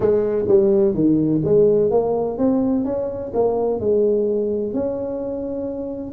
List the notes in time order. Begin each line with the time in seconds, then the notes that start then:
0.00 G#3
0.47 G3
0.94 D#3
1.44 G#3
1.90 A#3
2.38 C4
2.84 C#4
3.34 A#3
3.80 G#3
4.73 C#4